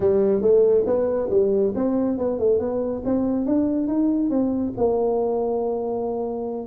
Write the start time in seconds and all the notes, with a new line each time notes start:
0.00 G3
0.41 A3
0.86 B3
1.29 G3
1.75 C4
2.18 B3
2.39 A3
2.59 B3
3.05 C4
3.45 D4
3.87 D#4
4.29 C4
4.77 A#3